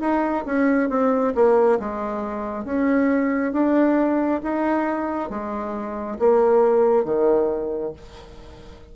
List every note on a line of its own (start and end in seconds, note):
0.00 0.44 D#4
0.45 0.89 C#4
0.89 1.33 C4
1.34 1.78 A#3
1.79 2.64 G#3
2.64 3.52 C#4
3.52 4.40 D4
4.43 5.29 D#4
5.29 6.18 G#3
6.19 7.04 A#3
7.04 7.93 D#3